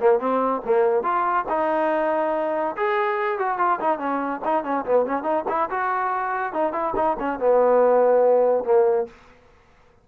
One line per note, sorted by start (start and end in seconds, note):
0.00 0.19 A#3
0.19 0.61 C4
0.65 1.03 A#3
1.03 1.45 F4
1.49 2.76 D#4
2.76 3.38 G#4
3.38 3.58 F#4
3.58 3.79 F4
3.80 3.99 D#4
3.99 4.41 C#4
4.45 4.64 D#4
4.64 4.85 C#4
4.85 5.06 B3
5.06 5.23 C#4
5.23 5.44 D#4
5.48 5.69 E4
5.70 6.53 F#4
6.53 6.72 D#4
6.72 6.94 E4
6.96 7.17 D#4
7.19 7.39 C#4
7.39 8.64 B3
8.64 9.06 A#3